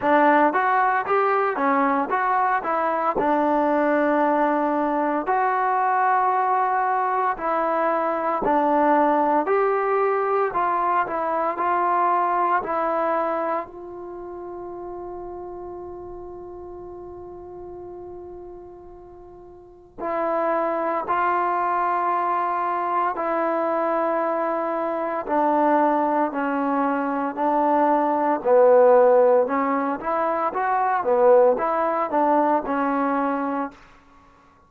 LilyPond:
\new Staff \with { instrumentName = "trombone" } { \time 4/4 \tempo 4 = 57 d'8 fis'8 g'8 cis'8 fis'8 e'8 d'4~ | d'4 fis'2 e'4 | d'4 g'4 f'8 e'8 f'4 | e'4 f'2.~ |
f'2. e'4 | f'2 e'2 | d'4 cis'4 d'4 b4 | cis'8 e'8 fis'8 b8 e'8 d'8 cis'4 | }